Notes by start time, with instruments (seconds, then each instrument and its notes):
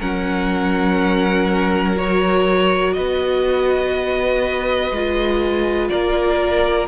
0.00 cello F#3, viola C#4, violin A#4 F#5
1.97 viola F#4, violin C#5
2.94 cello B3, violin B4 D#5
4.92 cello G#3, viola F4
5.90 cello A#3, violin A#4 D5